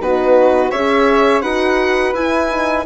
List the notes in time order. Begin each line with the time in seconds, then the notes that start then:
0.00 B3 D#4 F#4 B4
0.71 C#4 G#4 C#5 E5
1.42 D#4 F#4 B4 F#5
2.14 E4 G#5
2.50 D#4